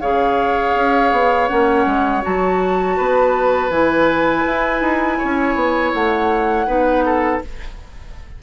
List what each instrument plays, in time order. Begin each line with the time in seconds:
0.00 bassoon C#3, clarinet G#4, oboe C#5, flute F5
0.75 bassoon C#4
1.12 bassoon B3
1.48 bassoon A#3, clarinet C#4, flute F#5
1.86 bassoon G#3
2.22 bassoon F#3, clarinet F#4, flute A5
2.97 bassoon B3, oboe B4
3.69 bassoon E3, clarinet E4, flute G#5
4.46 bassoon E4
4.81 bassoon D#4
5.18 bassoon C#4, oboe C#5
5.55 bassoon B3
5.93 bassoon A3, flute F#5
6.67 bassoon B3, clarinet D#4, oboe B4
7.05 oboe A4